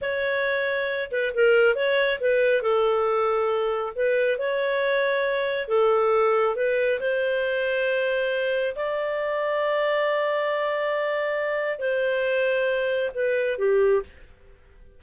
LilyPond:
\new Staff \with { instrumentName = "clarinet" } { \time 4/4 \tempo 4 = 137 cis''2~ cis''8 b'8 ais'4 | cis''4 b'4 a'2~ | a'4 b'4 cis''2~ | cis''4 a'2 b'4 |
c''1 | d''1~ | d''2. c''4~ | c''2 b'4 g'4 | }